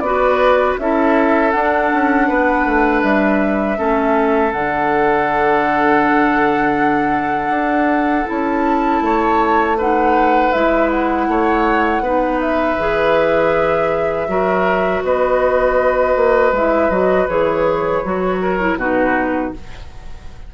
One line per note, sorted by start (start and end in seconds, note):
0.00 0.76 B3
0.00 0.80 F#4
0.00 0.80 B4
0.00 0.75 D5
0.79 1.54 C#4
0.79 1.53 E4
0.79 2.28 A4
0.79 1.51 E5
1.51 3.77 D4
1.51 1.92 D4
1.51 3.01 F#5
1.93 2.30 C#4
2.28 2.66 B3
2.28 3.78 B4
2.66 3.03 A3
3.03 3.78 G3
3.03 4.53 E5
3.77 4.53 A3
3.77 4.52 C#4
3.77 9.03 A4
4.53 7.50 D3
4.53 8.27 D4
4.53 8.28 F#5
7.50 8.25 D4
8.27 9.02 C#4
8.27 9.77 E4
8.27 9.79 A5
9.02 10.52 A3
9.02 9.78 C#5
9.78 10.54 D#4
9.78 11.28 B4
9.78 10.53 F#5
10.53 11.28 G#3
10.53 12.04 E4
10.53 10.90 E5
10.91 12.41 F#5
11.28 12.01 A3
11.28 12.03 C#5
12.01 12.76 B3
12.01 12.79 D#4
12.01 14.28 B4
12.41 15.04 E5
12.79 14.28 E3
12.79 14.29 G#4
14.28 15.03 F#3
14.28 16.54 F#4
14.28 15.04 A#4
15.03 16.16 B3
15.03 18.42 B4
15.03 16.55 D#5
16.16 16.52 A#3
16.52 16.90 G#3
16.52 16.91 E4
16.52 16.90 E5
16.90 17.28 F#3
16.90 17.29 F#4
16.90 17.28 D#5
17.28 18.03 E3
17.28 18.04 G#4
17.28 18.78 C#5
18.05 18.77 F#3
18.05 18.60 F#4
18.42 18.79 A#4
18.60 18.79 E4
18.77 19.52 B2
18.77 19.55 D#4
18.77 19.54 F#4
18.77 19.54 B4